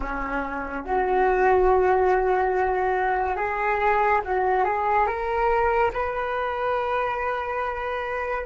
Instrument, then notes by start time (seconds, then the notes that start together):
flute
0.00 C#4
0.85 F#4
3.36 G#4
4.24 F#4
4.64 G#4
5.06 A#4
5.93 B4